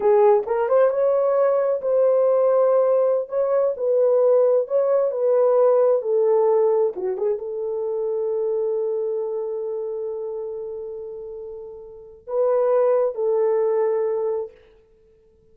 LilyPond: \new Staff \with { instrumentName = "horn" } { \time 4/4 \tempo 4 = 132 gis'4 ais'8 c''8 cis''2 | c''2.~ c''16 cis''8.~ | cis''16 b'2 cis''4 b'8.~ | b'4~ b'16 a'2 fis'8 gis'16~ |
gis'16 a'2.~ a'8.~ | a'1~ | a'2. b'4~ | b'4 a'2. | }